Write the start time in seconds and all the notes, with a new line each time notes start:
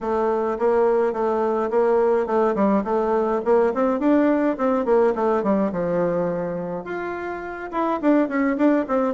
0.01 A3
0.58 A#3
1.12 A3
1.70 A#3
2.26 A3
2.55 G3
2.84 A3
3.44 A#3
3.74 C4
3.99 D4
4.57 C4
4.85 A#3
5.15 A3
5.43 G3
5.71 F3
6.84 F4
7.71 E4
8.01 D4
8.28 C#4
8.57 D4
8.88 C4